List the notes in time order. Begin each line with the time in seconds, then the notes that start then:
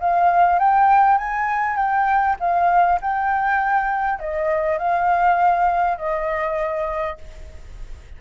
0.00 F5
0.59 G5
1.18 G#5
1.77 G5
2.40 F5
3.02 G5
4.20 D#5
4.78 F5
5.98 D#5